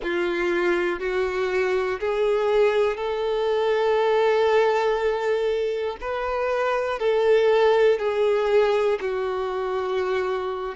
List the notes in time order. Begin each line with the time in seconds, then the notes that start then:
0.02 F4
0.99 F#4
2.00 G#4
2.96 A4
6.00 B4
6.99 A4
7.99 G#4
9.00 F#4